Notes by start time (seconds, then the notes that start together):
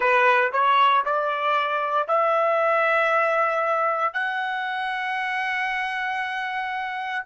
0.00 B4
0.52 C#5
1.05 D5
2.07 E5
4.13 F#5